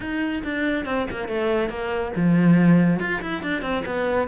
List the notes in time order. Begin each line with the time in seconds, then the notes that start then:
0.00 D#4
0.43 D4
0.85 C4
1.10 A#3
1.27 A3
1.69 A#3
2.16 F3
2.99 F4
3.21 E4
3.42 D4
3.62 C4
3.85 B3